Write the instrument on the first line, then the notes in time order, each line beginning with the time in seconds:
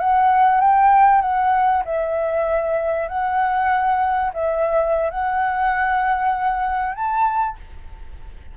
flute
0.00 F#5
0.61 G5
1.21 F#5
1.85 E5
3.08 F#5
4.34 E5
5.10 F#5
6.95 A5